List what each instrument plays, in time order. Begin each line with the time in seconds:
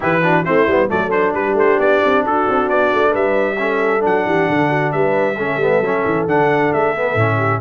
0.00 tuba E3, trombone E4, horn G4, trumpet B4
0.22 trombone D4, horn F#4
0.44 tuba A3, trombone C4, horn E4, trumpet C5
0.66 tuba G3, trombone B3
0.88 tuba F#3, trombone A3, horn A4, trumpet D5
1.09 trombone D4, trumpet C5
1.34 tuba G3, horn G4, trumpet B4
1.54 tuba A3, trumpet C5
1.78 tuba B3, trumpet D5
2.04 tuba C4
2.23 tuba D4, horn F#4, trumpet A4
2.48 tuba C4
2.69 tuba B3, trumpet D5
2.93 tuba A3
3.10 tuba G3, horn B4, trumpet E5
3.58 trombone C#4, horn A4
3.99 trombone D4, trumpet F#5
4.05 tuba F#3
4.25 tuba E3, horn G4
4.49 tuba D3, horn A4
4.69 horn F#4
4.92 tuba G3, horn B4, trumpet E5
5.35 tuba A3, trombone C#4, horn A4
5.57 tuba G3, trombone B3
5.80 tuba F#3, trombone C#4
6.05 tuba E3
6.26 tuba D3, trombone D4, trumpet F#5
6.72 tuba A3, trumpet E5
6.95 trombone B3
7.14 tuba A2, trombone C#4
7.36 horn G4